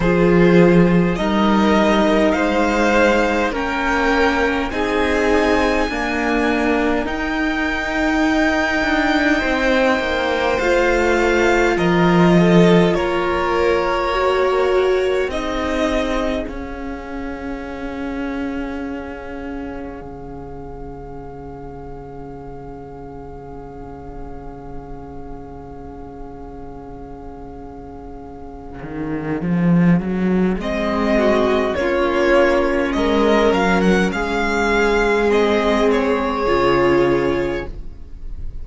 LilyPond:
<<
  \new Staff \with { instrumentName = "violin" } { \time 4/4 \tempo 4 = 51 c''4 dis''4 f''4 g''4 | gis''2 g''2~ | g''4 f''4 dis''4 cis''4~ | cis''4 dis''4 f''2~ |
f''1~ | f''1~ | f''2 dis''4 cis''4 | dis''8 f''16 fis''16 f''4 dis''8 cis''4. | }
  \new Staff \with { instrumentName = "violin" } { \time 4/4 gis'4 ais'4 c''4 ais'4 | gis'4 ais'2. | c''2 ais'8 a'8 ais'4~ | ais'4 gis'2.~ |
gis'1~ | gis'1~ | gis'2~ gis'8 fis'8 f'4 | ais'4 gis'2. | }
  \new Staff \with { instrumentName = "viola" } { \time 4/4 f'4 dis'2 cis'4 | dis'4 ais4 dis'2~ | dis'4 f'2. | fis'4 dis'4 cis'2~ |
cis'1~ | cis'1~ | cis'2 c'4 cis'4~ | cis'2 c'4 f'4 | }
  \new Staff \with { instrumentName = "cello" } { \time 4/4 f4 g4 gis4 ais4 | c'4 d'4 dis'4. d'8 | c'8 ais8 a4 f4 ais4~ | ais4 c'4 cis'2~ |
cis'4 cis2.~ | cis1~ | cis8 dis8 f8 fis8 gis4 ais4 | gis8 fis8 gis2 cis4 | }
>>